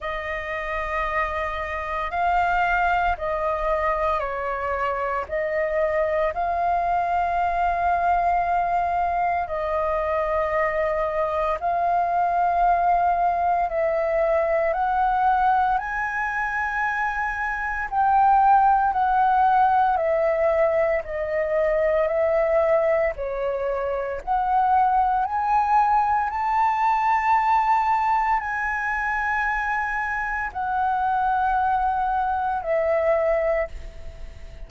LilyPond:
\new Staff \with { instrumentName = "flute" } { \time 4/4 \tempo 4 = 57 dis''2 f''4 dis''4 | cis''4 dis''4 f''2~ | f''4 dis''2 f''4~ | f''4 e''4 fis''4 gis''4~ |
gis''4 g''4 fis''4 e''4 | dis''4 e''4 cis''4 fis''4 | gis''4 a''2 gis''4~ | gis''4 fis''2 e''4 | }